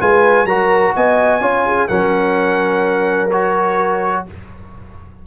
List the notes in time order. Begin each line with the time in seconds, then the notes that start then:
0.00 G#3 F4 B4 G#5
0.45 F#3 F#4 A#4 A#5
0.96 B3 D#5 G#5
1.41 C#4 F4 C#5
1.66 G#4
1.88 F#3 C#4 A#4 F#5
3.31 F#4 C#5